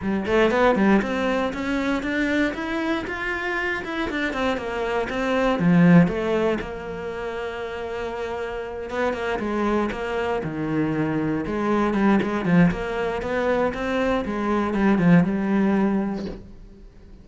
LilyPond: \new Staff \with { instrumentName = "cello" } { \time 4/4 \tempo 4 = 118 g8 a8 b8 g8 c'4 cis'4 | d'4 e'4 f'4. e'8 | d'8 c'8 ais4 c'4 f4 | a4 ais2.~ |
ais4. b8 ais8 gis4 ais8~ | ais8 dis2 gis4 g8 | gis8 f8 ais4 b4 c'4 | gis4 g8 f8 g2 | }